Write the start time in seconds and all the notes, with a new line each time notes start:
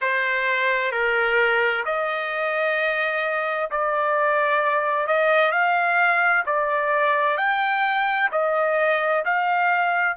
0.01 C5
0.91 A#4
1.85 D#5
3.70 D5
5.07 D#5
5.51 F5
6.46 D5
7.37 G5
8.31 D#5
9.25 F5